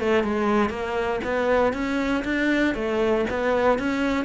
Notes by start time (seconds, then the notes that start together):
0.00 A3
0.24 G#3
0.70 A#3
1.24 B3
1.73 C#4
2.25 D4
2.75 A3
3.30 B3
3.79 C#4